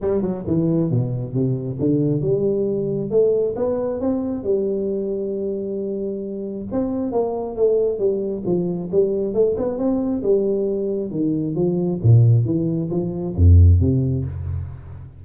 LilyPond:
\new Staff \with { instrumentName = "tuba" } { \time 4/4 \tempo 4 = 135 g8 fis8 e4 b,4 c4 | d4 g2 a4 | b4 c'4 g2~ | g2. c'4 |
ais4 a4 g4 f4 | g4 a8 b8 c'4 g4~ | g4 dis4 f4 ais,4 | e4 f4 f,4 c4 | }